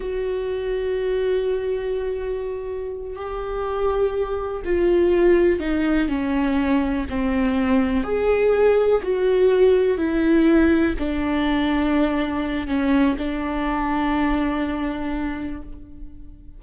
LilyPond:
\new Staff \with { instrumentName = "viola" } { \time 4/4 \tempo 4 = 123 fis'1~ | fis'2~ fis'8 g'4.~ | g'4. f'2 dis'8~ | dis'8 cis'2 c'4.~ |
c'8 gis'2 fis'4.~ | fis'8 e'2 d'4.~ | d'2 cis'4 d'4~ | d'1 | }